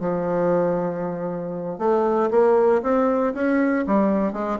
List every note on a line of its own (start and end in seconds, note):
0.00 1.79 F3
1.79 2.30 A3
2.31 2.82 A#3
2.82 3.33 C4
3.34 3.85 C#4
3.86 4.32 G3
4.32 4.58 G#3